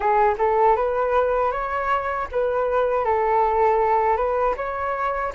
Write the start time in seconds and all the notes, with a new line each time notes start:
0.00 G#4
0.38 A4
0.76 B4
1.51 C#5
2.31 B4
3.04 A4
4.16 B4
4.56 C#5